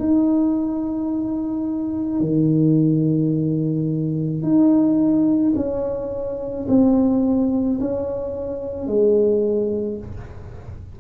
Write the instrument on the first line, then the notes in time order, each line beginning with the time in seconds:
tuba
0.00 D#4
2.21 D#3
4.43 D#4
5.56 C#4
6.69 C4
7.81 C#4
8.88 G#3